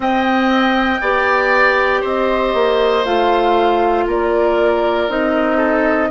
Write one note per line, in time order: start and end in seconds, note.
0.00 0.97 C4
0.00 1.00 C4
0.00 1.01 D#5
0.00 2.04 G5
1.01 2.02 B3
1.01 3.04 G4
1.01 2.01 D5
2.01 2.54 C4
2.01 4.04 C5
2.01 3.04 D#5
2.54 3.04 A#3
3.04 4.06 A3
3.04 5.08 F4
3.04 4.06 F5
4.06 5.08 A#3
4.06 5.57 A#4
4.06 5.09 D5
5.08 6.10 C4
5.08 6.10 D#4
5.08 6.10 D#5
5.57 6.08 A4